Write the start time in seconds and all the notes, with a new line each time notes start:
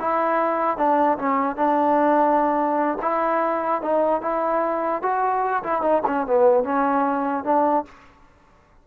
0.00 E4
0.78 D4
1.19 C#4
1.56 D4
3.02 E4
3.82 D#4
4.22 E4
5.03 F#4
5.64 E4
5.82 D#4
6.07 C#4
6.27 B3
6.64 C#4
7.45 D4